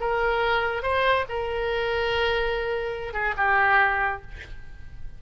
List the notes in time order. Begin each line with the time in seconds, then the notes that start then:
0.00 A#4
0.83 C5
1.29 A#4
3.13 G#4
3.37 G4